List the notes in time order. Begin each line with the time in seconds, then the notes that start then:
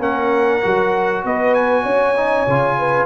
0.00 A#3 C#4 A#4 F#5
0.63 F#3 F#4
1.25 B3 B4 D#5
1.55 G#5
1.84 C#4 C#5
2.17 D#4
2.47 C#3 F4
2.79 B4